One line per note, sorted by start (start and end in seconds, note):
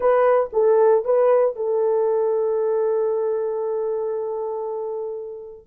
0.00 0.50 B4
0.52 1.04 A4
1.04 1.56 B4
1.56 5.67 A4